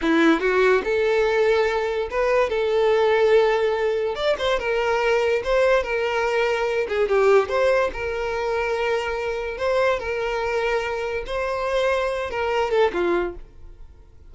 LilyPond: \new Staff \with { instrumentName = "violin" } { \time 4/4 \tempo 4 = 144 e'4 fis'4 a'2~ | a'4 b'4 a'2~ | a'2 d''8 c''8 ais'4~ | ais'4 c''4 ais'2~ |
ais'8 gis'8 g'4 c''4 ais'4~ | ais'2. c''4 | ais'2. c''4~ | c''4. ais'4 a'8 f'4 | }